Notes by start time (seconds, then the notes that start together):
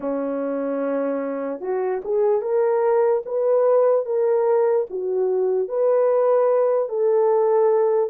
0.00 C#4
1.60 F#4
2.04 G#4
2.41 A#4
3.25 B4
4.05 A#4
4.90 F#4
5.68 B4
6.88 A4